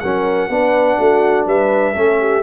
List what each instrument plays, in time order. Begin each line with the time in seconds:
0.00 tuba F#3, trombone C#4, horn A#4, trumpet F#5
0.49 tuba B3, trombone D4, horn B4
0.98 tuba A3, horn F#4
1.46 tuba G3, horn B4, trumpet E5
1.94 tuba A3, trombone C#4, horn A4
2.20 horn G4